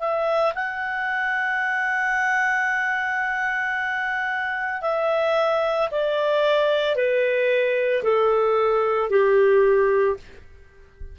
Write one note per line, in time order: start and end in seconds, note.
0.00 0.54 E5
0.55 4.82 F#5
4.82 5.89 E5
5.92 6.96 D5
6.96 8.03 B4
8.04 9.10 A4
9.10 10.17 G4